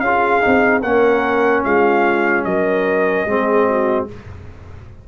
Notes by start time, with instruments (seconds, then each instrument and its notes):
0.00 tuba C#4, trombone F4, horn G#4, trumpet F5
0.41 tuba C4, trombone D#4
0.83 tuba A#3, trombone C#4, horn A#4, trumpet F#5
1.64 tuba G#3, horn F4, trumpet F5
2.45 tuba F#3, horn A#4, trumpet D#5
3.26 tuba G#3, trombone C4, horn G#4
3.68 horn F#4